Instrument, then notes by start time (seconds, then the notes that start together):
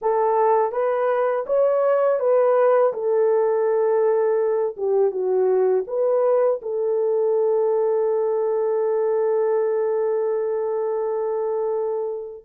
horn
0.01 A4
0.72 B4
1.46 C#5
2.19 B4
2.93 A4
4.77 G4
5.11 F#4
5.87 B4
6.62 A4